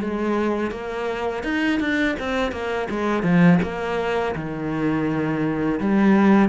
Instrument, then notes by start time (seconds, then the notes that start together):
cello
0.00 G#3
0.71 A#3
1.44 D#4
1.80 D4
2.19 C4
2.52 A#3
2.90 G#3
3.23 F3
3.62 A#3
4.35 D#3
5.80 G3